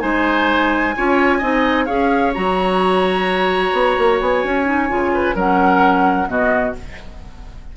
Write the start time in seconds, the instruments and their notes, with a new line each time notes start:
0.00 bassoon G#3, clarinet D#4, oboe C5, flute G#5
0.96 bassoon C#4, clarinet F4, oboe C#5
1.38 bassoon C4, clarinet D#4, oboe D#5
1.86 bassoon C#4, clarinet G#4, oboe C#5, flute F5
2.34 bassoon F#3, clarinet F#4, flute A#5
3.73 bassoon B3
3.99 bassoon A#3
4.21 bassoon B3, flute G#5
4.44 bassoon C#4
4.65 clarinet D#4
4.89 bassoon C#3, clarinet F4
5.14 oboe B4
5.35 bassoon F#3, clarinet C#4, oboe A#4, flute F#5
6.27 bassoon B2, clarinet B3, oboe F#4, flute D#5